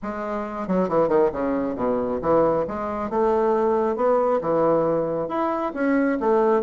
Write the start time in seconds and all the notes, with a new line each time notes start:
0.02 G#3
0.67 F#3
0.88 E3
1.08 D#3
1.32 C#3
1.75 B2
2.21 E3
2.67 G#3
3.09 A3
3.95 B3
4.41 E3
5.28 E4
5.74 C#4
6.19 A3